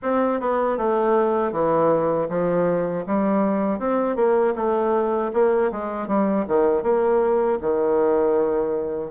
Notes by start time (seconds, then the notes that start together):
0.02 C4
0.40 B3
0.77 A3
1.52 E3
2.29 F3
3.06 G3
3.79 C4
4.16 A#3
4.55 A3
5.33 A#3
5.71 G#3
6.07 G3
6.47 D#3
6.83 A#3
7.61 D#3